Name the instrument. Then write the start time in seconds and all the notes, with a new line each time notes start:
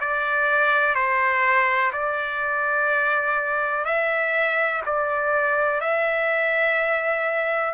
trumpet
0.00 D5
0.95 C5
1.93 D5
3.85 E5
4.86 D5
5.81 E5